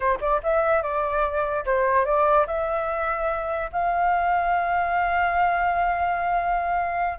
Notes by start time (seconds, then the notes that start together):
0.00 C5
0.20 D5
0.43 E5
0.82 D5
1.65 C5
2.05 D5
2.47 E5
3.72 F5